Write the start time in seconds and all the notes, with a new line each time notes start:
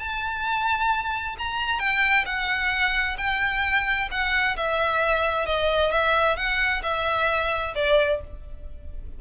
0.00 A5
1.39 A#5
1.80 G5
2.26 F#5
3.18 G5
4.12 F#5
4.57 E5
5.47 D#5
5.92 E5
6.37 F#5
6.83 E5
7.76 D5